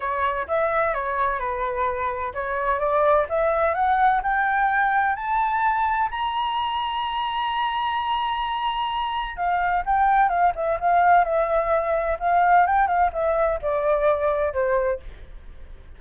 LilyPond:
\new Staff \with { instrumentName = "flute" } { \time 4/4 \tempo 4 = 128 cis''4 e''4 cis''4 b'4~ | b'4 cis''4 d''4 e''4 | fis''4 g''2 a''4~ | a''4 ais''2.~ |
ais''1 | f''4 g''4 f''8 e''8 f''4 | e''2 f''4 g''8 f''8 | e''4 d''2 c''4 | }